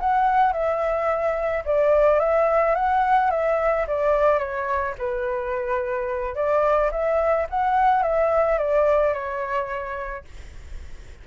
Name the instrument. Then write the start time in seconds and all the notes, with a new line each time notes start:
flute
0.00 F#5
0.53 E5
1.65 D5
2.20 E5
2.75 F#5
3.31 E5
3.87 D5
4.39 C#5
4.98 B4
6.35 D5
6.91 E5
7.50 F#5
8.03 E5
8.58 D5
9.14 C#5